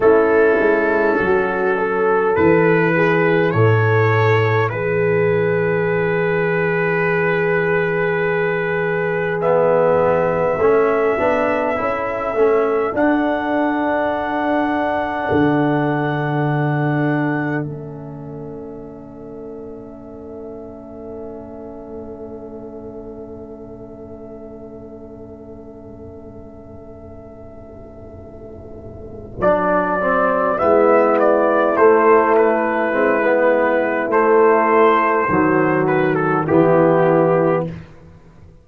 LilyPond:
<<
  \new Staff \with { instrumentName = "trumpet" } { \time 4/4 \tempo 4 = 51 a'2 b'4 cis''4 | b'1 | e''2. fis''4~ | fis''2. e''4~ |
e''1~ | e''1~ | e''4 d''4 e''8 d''8 c''8 b'8~ | b'4 c''4. b'16 a'16 g'4 | }
  \new Staff \with { instrumentName = "horn" } { \time 4/4 e'4 fis'8 a'4 gis'8 a'4 | gis'1~ | gis'4 a'2.~ | a'1~ |
a'1~ | a'1~ | a'2 e'2~ | e'2 fis'4 e'4 | }
  \new Staff \with { instrumentName = "trombone" } { \time 4/4 cis'2 e'2~ | e'1 | b4 cis'8 d'8 e'8 cis'8 d'4~ | d'2. cis'4~ |
cis'1~ | cis'1~ | cis'4 d'8 c'8 b4 a4 | c'16 b8. a4 fis4 b4 | }
  \new Staff \with { instrumentName = "tuba" } { \time 4/4 a8 gis8 fis4 e4 a,4 | e1~ | e4 a8 b8 cis'8 a8 d'4~ | d'4 d2 a4~ |
a1~ | a1~ | a4 fis4 gis4 a4 | gis4 a4 dis4 e4 | }
>>